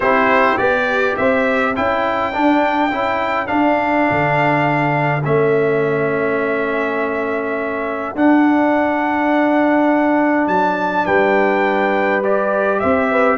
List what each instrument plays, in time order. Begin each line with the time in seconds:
0.00 tuba C4, trombone E4, horn G4, trumpet C5
0.57 tuba B3, trombone G4, trumpet D5
1.16 tuba C4, horn C5, trumpet E5
1.74 tuba C#4, trombone E4, horn A4, trumpet G5
2.32 trombone D4, tuba D4
2.91 tuba C#4, trombone E4
3.46 trombone D4, tuba D4, trumpet F5
4.11 tuba D3
5.24 tuba A3, trombone C#4, trumpet E5
8.15 tuba D4, trombone D4, trumpet F#5
10.47 tuba F#3, trumpet A5
11.05 tuba G3, horn B4, trumpet G5
12.23 trombone G4, trumpet D5
12.79 tuba C4, horn C5, trumpet E5
13.10 horn B4